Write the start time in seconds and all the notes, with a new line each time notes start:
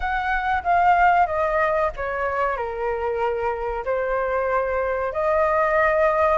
0.00 F#5
0.63 F5
1.26 D#5
1.96 C#5
2.56 A#4
3.85 C5
5.12 D#5